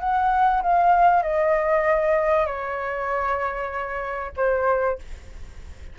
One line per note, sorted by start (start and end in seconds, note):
0.00 0.62 F#5
0.62 1.23 F5
1.23 2.46 D#5
2.46 4.32 C#5
4.37 4.99 C5